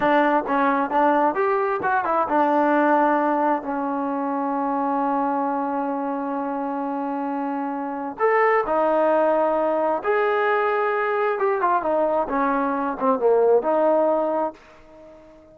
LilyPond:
\new Staff \with { instrumentName = "trombone" } { \time 4/4 \tempo 4 = 132 d'4 cis'4 d'4 g'4 | fis'8 e'8 d'2. | cis'1~ | cis'1~ |
cis'2 a'4 dis'4~ | dis'2 gis'2~ | gis'4 g'8 f'8 dis'4 cis'4~ | cis'8 c'8 ais4 dis'2 | }